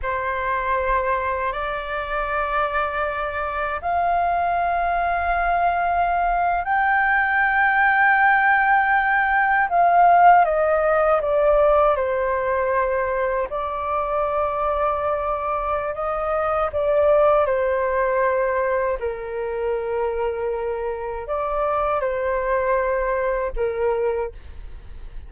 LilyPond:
\new Staff \with { instrumentName = "flute" } { \time 4/4 \tempo 4 = 79 c''2 d''2~ | d''4 f''2.~ | f''8. g''2.~ g''16~ | g''8. f''4 dis''4 d''4 c''16~ |
c''4.~ c''16 d''2~ d''16~ | d''4 dis''4 d''4 c''4~ | c''4 ais'2. | d''4 c''2 ais'4 | }